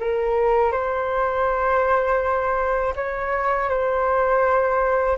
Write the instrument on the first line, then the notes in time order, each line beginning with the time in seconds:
flute
0.00 A#4
0.72 C5
2.96 C#5
3.69 C5